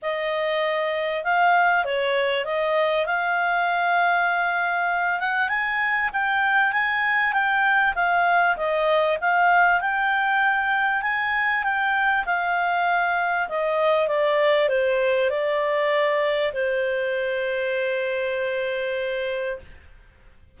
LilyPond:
\new Staff \with { instrumentName = "clarinet" } { \time 4/4 \tempo 4 = 98 dis''2 f''4 cis''4 | dis''4 f''2.~ | f''8 fis''8 gis''4 g''4 gis''4 | g''4 f''4 dis''4 f''4 |
g''2 gis''4 g''4 | f''2 dis''4 d''4 | c''4 d''2 c''4~ | c''1 | }